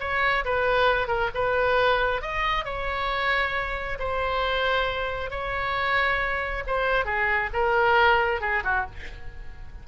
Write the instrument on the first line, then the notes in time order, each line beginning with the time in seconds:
oboe
0.00 C#5
0.45 B4
1.07 A#4
1.34 B4
2.21 D#5
2.65 C#5
3.99 C5
5.30 C#5
6.67 C5
7.05 G#4
7.53 A#4
8.41 G#4
8.64 F#4